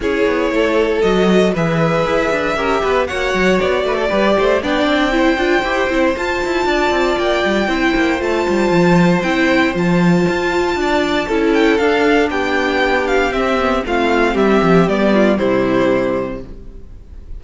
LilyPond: <<
  \new Staff \with { instrumentName = "violin" } { \time 4/4 \tempo 4 = 117 cis''2 dis''4 e''4~ | e''2 fis''4 d''4~ | d''4 g''2. | a''2 g''2 |
a''2 g''4 a''4~ | a''2~ a''8 g''8 f''4 | g''4. f''8 e''4 f''4 | e''4 d''4 c''2 | }
  \new Staff \with { instrumentName = "violin" } { \time 4/4 gis'4 a'2 b'4~ | b'4 ais'8 b'8 cis''4. b'16 a'16 | b'8 c''8 d''4 c''2~ | c''4 d''2 c''4~ |
c''1~ | c''4 d''4 a'2 | g'2. f'4 | g'4. f'8 e'2 | }
  \new Staff \with { instrumentName = "viola" } { \time 4/4 e'2 fis'4 gis'4~ | gis'4 g'4 fis'2 | g'4 d'4 e'8 f'8 g'8 e'8 | f'2. e'4 |
f'2 e'4 f'4~ | f'2 e'4 d'4~ | d'2 c'8 b8 c'4~ | c'4 b4 g2 | }
  \new Staff \with { instrumentName = "cello" } { \time 4/4 cis'8 b8 a4 fis4 e4 | e'8 d'8 cis'8 b8 ais8 fis8 b8 a8 | g8 a8 b8 c'4 d'8 e'8 c'8 | f'8 e'8 d'8 c'8 ais8 g8 c'8 ais8 |
a8 g8 f4 c'4 f4 | f'4 d'4 cis'4 d'4 | b2 c'4 a4 | g8 f8 g4 c2 | }
>>